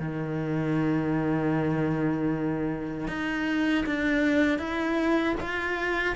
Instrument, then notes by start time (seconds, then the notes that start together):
cello
0.00 D#3
3.08 D#4
3.86 D4
4.59 E4
5.41 F4